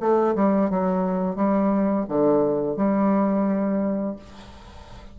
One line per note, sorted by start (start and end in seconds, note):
0.00 0.35 A3
0.35 0.70 G3
0.70 1.36 F#3
1.36 2.05 G3
2.08 2.77 D3
2.77 4.16 G3